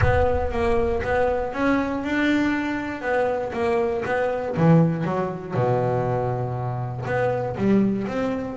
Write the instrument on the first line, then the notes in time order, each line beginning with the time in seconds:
double bass
0.01 B3
0.51 A#3
1.02 B3
1.53 C#4
2.03 D4
3.01 B3
3.52 A#3
4.05 B3
4.56 E3
5.04 F#3
5.54 B2
7.05 B3
7.57 G3
8.07 C4